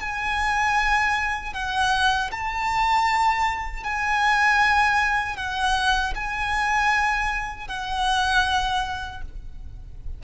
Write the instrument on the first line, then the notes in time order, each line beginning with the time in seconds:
violin
0.00 G#5
1.54 F#5
2.31 A5
3.84 G#5
5.37 F#5
6.15 G#5
7.68 F#5